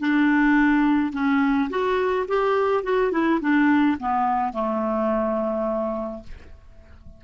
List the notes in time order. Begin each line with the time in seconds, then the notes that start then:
0.00 D4
1.13 C#4
1.70 F#4
2.28 G4
2.83 F#4
3.12 E4
3.41 D4
3.99 B3
4.53 A3